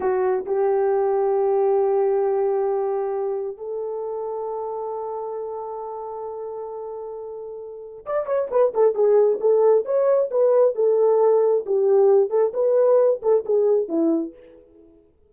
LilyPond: \new Staff \with { instrumentName = "horn" } { \time 4/4 \tempo 4 = 134 fis'4 g'2.~ | g'1 | a'1~ | a'1~ |
a'2 d''8 cis''8 b'8 a'8 | gis'4 a'4 cis''4 b'4 | a'2 g'4. a'8 | b'4. a'8 gis'4 e'4 | }